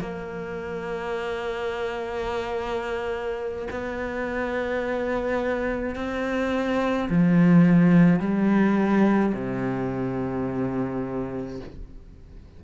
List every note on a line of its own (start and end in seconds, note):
0.00 3.68 A#3
3.70 5.95 B3
5.95 7.09 C4
7.09 8.20 F3
8.20 9.33 G3
9.34 11.60 C3